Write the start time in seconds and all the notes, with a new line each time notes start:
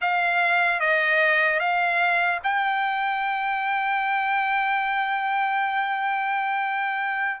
0.01 F5
0.80 D#5
1.59 F5
2.43 G5